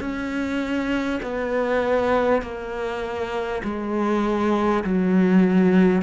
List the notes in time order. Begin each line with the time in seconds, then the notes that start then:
0.00 C#4
1.22 B3
2.42 A#3
3.63 G#3
4.84 F#3